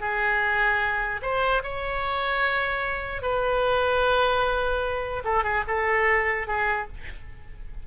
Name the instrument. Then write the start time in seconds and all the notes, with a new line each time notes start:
oboe
0.00 G#4
1.22 C5
1.63 C#5
3.22 B4
5.24 A4
5.44 G#4
5.68 A4
6.47 G#4